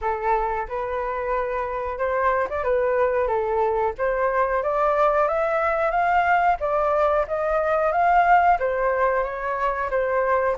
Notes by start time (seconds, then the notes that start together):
0.01 A4
0.68 B4
1.98 C5
2.49 D5
2.63 B4
3.27 A4
3.97 C5
4.62 D5
5.27 E5
5.90 F5
6.60 D5
7.27 D#5
7.92 F5
8.59 C5
9.23 C#5
9.90 C5